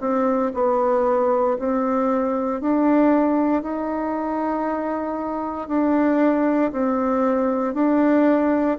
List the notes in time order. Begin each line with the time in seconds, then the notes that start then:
0.00 C4
0.54 B3
1.58 C4
2.61 D4
3.62 D#4
5.68 D4
6.71 C4
7.74 D4